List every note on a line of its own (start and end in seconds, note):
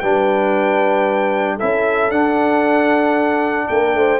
0.00 1.60 G3
0.00 1.60 D4
0.00 1.56 B4
0.00 1.58 G5
1.56 2.11 E4
1.56 3.66 A4
1.56 2.11 E5
1.62 2.10 C#4
2.10 3.68 D4
2.10 4.20 D4
2.10 3.68 F#5
3.68 3.95 A#3
3.68 3.97 A#4
3.68 4.20 G5
3.95 4.20 A3
3.95 4.20 C5